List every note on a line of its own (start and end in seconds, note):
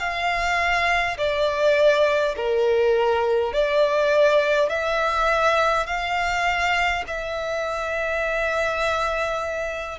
0.00 1.18 F5
1.18 2.36 D5
2.37 3.53 A#4
3.53 4.70 D5
4.70 5.87 E5
5.87 7.04 F5
7.07 9.99 E5